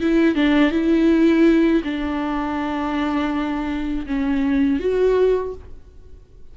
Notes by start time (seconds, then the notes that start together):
0.00 E4
0.35 D4
0.71 E4
1.84 D4
4.06 C#4
4.79 F#4